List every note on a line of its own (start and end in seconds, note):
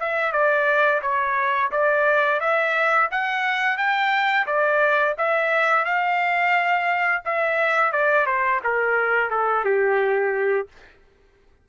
0.00 0.32 E5
0.32 1.01 D5
1.02 1.71 C#5
1.72 2.41 D5
2.41 3.10 E5
3.11 3.78 F#5
3.78 4.47 G5
4.47 5.16 D5
5.18 5.85 E5
5.85 7.23 F5
7.25 7.93 E5
7.93 8.27 D5
8.27 8.61 C5
8.64 9.30 A#4
9.30 9.65 A4
9.65 10.68 G4